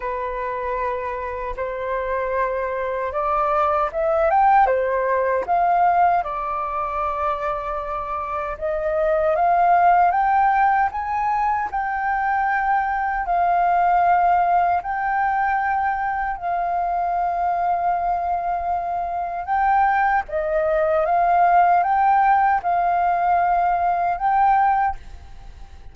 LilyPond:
\new Staff \with { instrumentName = "flute" } { \time 4/4 \tempo 4 = 77 b'2 c''2 | d''4 e''8 g''8 c''4 f''4 | d''2. dis''4 | f''4 g''4 gis''4 g''4~ |
g''4 f''2 g''4~ | g''4 f''2.~ | f''4 g''4 dis''4 f''4 | g''4 f''2 g''4 | }